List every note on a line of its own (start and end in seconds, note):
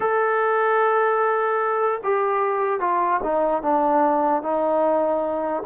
0.00 2.01 A4
2.03 2.80 G4
2.80 3.20 F4
3.23 3.62 D#4
3.62 4.42 D4
4.42 5.63 D#4